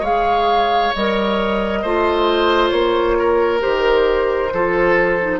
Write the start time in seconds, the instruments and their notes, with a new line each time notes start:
0.00 bassoon G#3, clarinet G#4, oboe C#5, flute F5
0.95 bassoon G3, clarinet A#4, flute D#5
1.82 bassoon A3, clarinet F4, oboe C5
2.69 bassoon A#3, flute C#5
3.19 oboe A#4
3.60 bassoon D#3, clarinet G4, flute C5
4.53 bassoon F3, clarinet F4, oboe A4
5.20 clarinet D#4